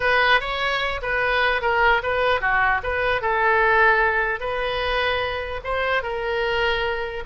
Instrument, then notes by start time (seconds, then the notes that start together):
oboe
0.00 B4
0.40 C#5
1.02 B4
1.61 A#4
2.02 B4
2.41 F#4
2.83 B4
3.21 A4
4.40 B4
5.64 C5
6.02 A#4